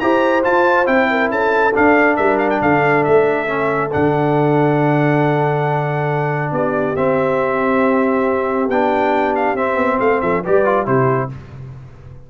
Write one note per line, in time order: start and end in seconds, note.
0.00 0.46 E4
0.00 0.43 G4
0.00 1.10 C5
0.00 0.43 A#5
0.43 0.85 F4
0.43 0.87 F4
0.43 0.87 A5
0.85 1.31 C4
0.85 1.72 E4
0.85 1.30 G5
1.10 1.31 A#4
1.31 1.74 C#4
1.31 2.17 A4
1.31 1.75 A5
1.74 3.47 D4
1.74 2.18 D4
1.74 2.16 F5
2.16 2.62 G3
2.16 2.61 A#4
2.16 2.38 E5
2.38 2.49 F5
2.50 2.61 G5
2.62 3.06 D3
2.62 6.53 A4
2.62 3.04 F5
3.04 3.94 A3
3.04 3.91 E5
3.47 3.90 C#4
3.91 6.52 D3
3.91 6.95 D4
3.91 6.53 F#5
6.52 6.95 B3
6.52 9.98 G4
6.52 6.96 D5
6.95 8.69 C4
6.95 8.70 E5
8.69 9.55 B3
8.69 9.57 D4
8.69 9.35 G5
9.36 9.56 F5
9.55 9.76 C4
9.55 10.44 C4
9.55 10.00 E5
9.76 9.97 B3
9.98 10.22 A3
9.98 10.19 C5
9.98 10.21 F5
10.21 10.44 F3
10.21 10.44 A4
10.21 10.43 E5
10.44 10.87 G3
10.44 10.65 G4
10.44 10.87 B4
10.44 10.87 D5
10.65 10.86 F4
10.86 11.30 C3
10.86 11.29 E4
10.86 11.30 G4
10.86 11.30 C5